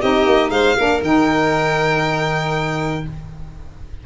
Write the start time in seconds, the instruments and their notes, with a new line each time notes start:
0.00 tuba C4, saxophone D#4, violin G4 D#5
0.25 tuba A#3
0.49 tuba G#3, violin C5 F5
0.76 tuba A#3, saxophone D4, violin A#4
1.01 tuba D#3, saxophone D#4, violin G5